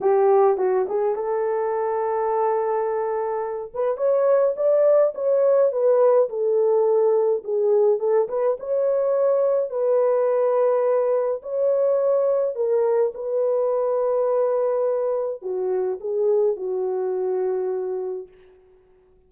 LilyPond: \new Staff \with { instrumentName = "horn" } { \time 4/4 \tempo 4 = 105 g'4 fis'8 gis'8 a'2~ | a'2~ a'8 b'8 cis''4 | d''4 cis''4 b'4 a'4~ | a'4 gis'4 a'8 b'8 cis''4~ |
cis''4 b'2. | cis''2 ais'4 b'4~ | b'2. fis'4 | gis'4 fis'2. | }